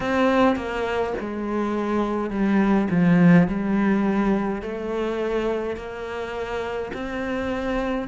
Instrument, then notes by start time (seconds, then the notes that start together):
cello
0.00 C4
0.56 A#3
1.20 G#3
2.30 G3
2.90 F3
3.47 G3
4.62 A3
5.76 A#3
6.93 C4